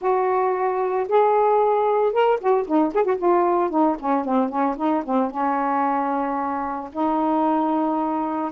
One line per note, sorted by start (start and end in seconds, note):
0.01 1.07 F#4
1.08 2.12 G#4
2.12 2.39 A#4
2.40 2.66 F#4
2.67 2.93 D#4
2.94 3.04 G#4
3.04 3.17 F#4
3.17 3.70 F4
3.70 3.96 D#4
3.99 4.25 C#4
4.25 4.49 C4
4.49 4.75 C#4
4.76 5.03 D#4
5.04 5.30 C4
5.30 6.90 C#4
6.92 8.51 D#4